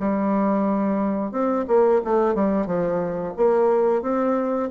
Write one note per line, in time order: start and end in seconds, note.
0.00 1.32 G3
1.32 1.65 C4
1.68 2.02 A#3
2.05 2.35 A3
2.35 2.67 G3
2.67 3.34 F3
3.37 4.02 A#3
4.02 4.70 C4